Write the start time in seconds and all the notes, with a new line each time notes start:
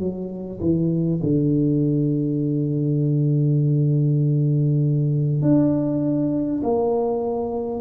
0.00 F#3
0.61 E3
1.23 D3
5.42 D4
6.63 A#3